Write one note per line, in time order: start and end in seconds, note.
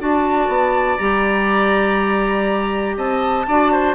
0.00 0.48 D4
0.00 0.99 F#4
0.00 2.97 D5
0.00 0.98 A5
0.48 0.98 B3
0.98 2.97 G3
0.98 3.47 G4
0.98 2.96 A#5
2.97 3.47 C4
2.97 3.46 D#5
2.97 3.95 A5
3.47 3.95 D4
3.47 3.95 F#4
3.47 3.72 D5
3.72 3.95 C5